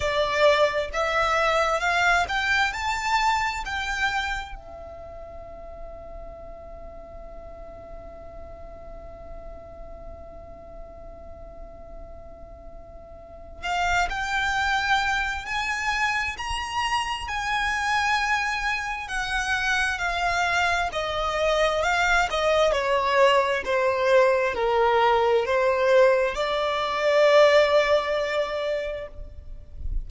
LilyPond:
\new Staff \with { instrumentName = "violin" } { \time 4/4 \tempo 4 = 66 d''4 e''4 f''8 g''8 a''4 | g''4 e''2.~ | e''1~ | e''2. f''8 g''8~ |
g''4 gis''4 ais''4 gis''4~ | gis''4 fis''4 f''4 dis''4 | f''8 dis''8 cis''4 c''4 ais'4 | c''4 d''2. | }